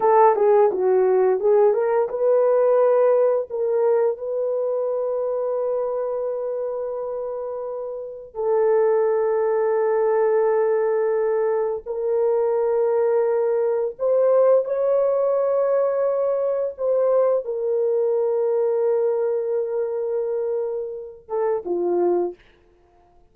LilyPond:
\new Staff \with { instrumentName = "horn" } { \time 4/4 \tempo 4 = 86 a'8 gis'8 fis'4 gis'8 ais'8 b'4~ | b'4 ais'4 b'2~ | b'1 | a'1~ |
a'4 ais'2. | c''4 cis''2. | c''4 ais'2.~ | ais'2~ ais'8 a'8 f'4 | }